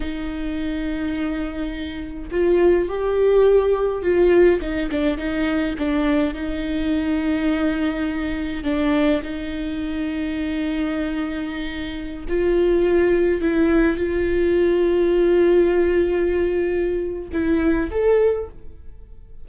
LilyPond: \new Staff \with { instrumentName = "viola" } { \time 4/4 \tempo 4 = 104 dis'1 | f'4 g'2 f'4 | dis'8 d'8 dis'4 d'4 dis'4~ | dis'2. d'4 |
dis'1~ | dis'4~ dis'16 f'2 e'8.~ | e'16 f'2.~ f'8.~ | f'2 e'4 a'4 | }